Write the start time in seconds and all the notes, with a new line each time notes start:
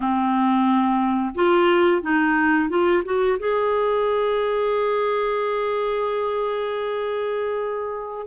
0.00 C4
1.35 F4
2.02 D#4
2.69 F4
3.04 F#4
3.39 G#4